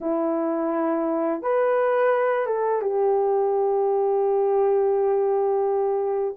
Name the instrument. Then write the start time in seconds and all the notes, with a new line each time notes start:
horn
0.00 E4
1.41 B4
2.46 A4
2.81 G4